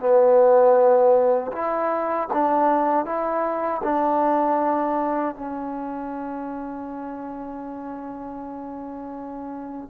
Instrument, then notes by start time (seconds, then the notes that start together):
trombone
0.00 B3
1.53 E4
2.34 D4
3.06 E4
3.84 D4
5.36 C#4